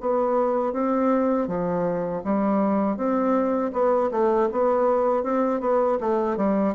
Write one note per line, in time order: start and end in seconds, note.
0.00 0.73 B3
0.73 1.47 C4
1.47 2.22 F3
2.23 2.96 G3
2.96 3.71 C4
3.72 4.10 B3
4.11 4.48 A3
4.52 5.23 B3
5.23 5.60 C4
5.60 5.98 B3
6.00 6.36 A3
6.36 6.74 G3